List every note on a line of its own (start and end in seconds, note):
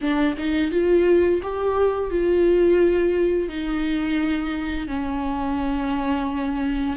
0.01 0.36 D4
0.37 0.71 D#4
0.71 1.41 F4
1.42 2.10 G4
2.10 3.49 F4
3.49 4.87 D#4
4.87 6.96 C#4